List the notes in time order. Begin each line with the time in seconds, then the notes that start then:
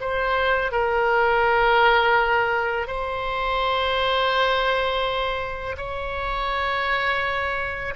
0.00 C5
0.71 A#4
2.87 C5
5.77 C#5